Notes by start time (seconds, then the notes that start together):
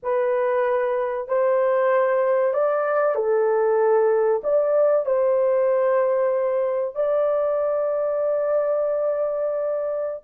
0.02 B4
1.28 C5
2.53 D5
3.15 A4
4.43 D5
5.05 C5
6.95 D5